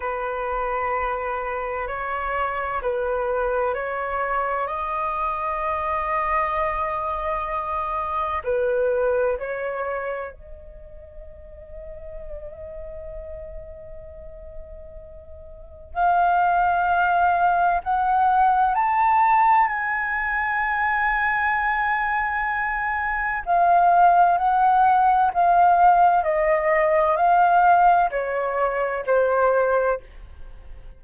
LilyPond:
\new Staff \with { instrumentName = "flute" } { \time 4/4 \tempo 4 = 64 b'2 cis''4 b'4 | cis''4 dis''2.~ | dis''4 b'4 cis''4 dis''4~ | dis''1~ |
dis''4 f''2 fis''4 | a''4 gis''2.~ | gis''4 f''4 fis''4 f''4 | dis''4 f''4 cis''4 c''4 | }